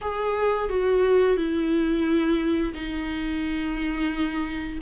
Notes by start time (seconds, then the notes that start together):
0.01 G#4
0.68 F#4
1.36 E4
2.74 D#4